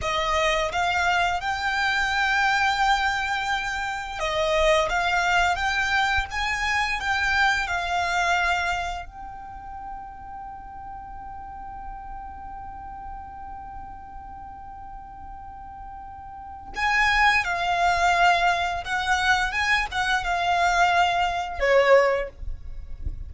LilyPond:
\new Staff \with { instrumentName = "violin" } { \time 4/4 \tempo 4 = 86 dis''4 f''4 g''2~ | g''2 dis''4 f''4 | g''4 gis''4 g''4 f''4~ | f''4 g''2.~ |
g''1~ | g''1 | gis''4 f''2 fis''4 | gis''8 fis''8 f''2 cis''4 | }